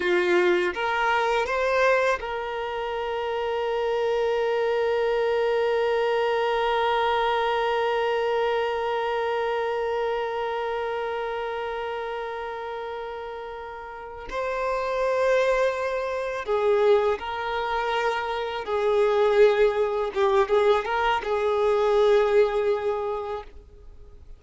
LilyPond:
\new Staff \with { instrumentName = "violin" } { \time 4/4 \tempo 4 = 82 f'4 ais'4 c''4 ais'4~ | ais'1~ | ais'1~ | ais'1~ |
ais'2.~ ais'8 c''8~ | c''2~ c''8 gis'4 ais'8~ | ais'4. gis'2 g'8 | gis'8 ais'8 gis'2. | }